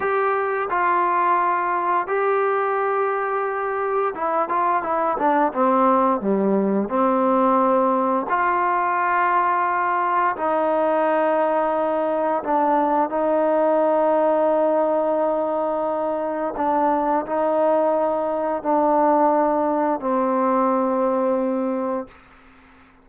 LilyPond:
\new Staff \with { instrumentName = "trombone" } { \time 4/4 \tempo 4 = 87 g'4 f'2 g'4~ | g'2 e'8 f'8 e'8 d'8 | c'4 g4 c'2 | f'2. dis'4~ |
dis'2 d'4 dis'4~ | dis'1 | d'4 dis'2 d'4~ | d'4 c'2. | }